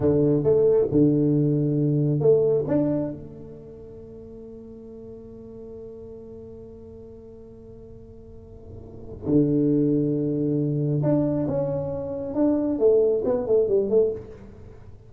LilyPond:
\new Staff \with { instrumentName = "tuba" } { \time 4/4 \tempo 4 = 136 d4 a4 d2~ | d4 a4 d'4 a4~ | a1~ | a1~ |
a1~ | a4 d2.~ | d4 d'4 cis'2 | d'4 a4 b8 a8 g8 a8 | }